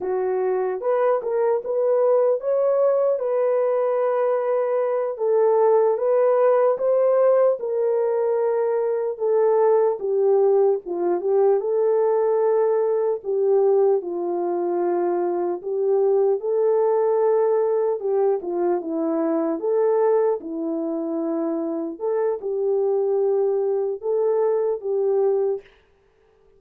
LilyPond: \new Staff \with { instrumentName = "horn" } { \time 4/4 \tempo 4 = 75 fis'4 b'8 ais'8 b'4 cis''4 | b'2~ b'8 a'4 b'8~ | b'8 c''4 ais'2 a'8~ | a'8 g'4 f'8 g'8 a'4.~ |
a'8 g'4 f'2 g'8~ | g'8 a'2 g'8 f'8 e'8~ | e'8 a'4 e'2 a'8 | g'2 a'4 g'4 | }